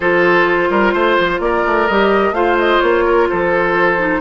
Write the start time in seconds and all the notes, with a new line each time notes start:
0.00 F3 F4 A4 C5
0.70 G3 A#4
0.93 A3 C5
1.18 F3
1.39 A#3 A#4 D5
1.66 A3
1.87 G3 G4 D#5
2.31 A3 F4 C5 F5
2.58 D#5
2.80 A#3 C#5
3.04 A#4
3.28 F3 A4 C5
3.98 D#4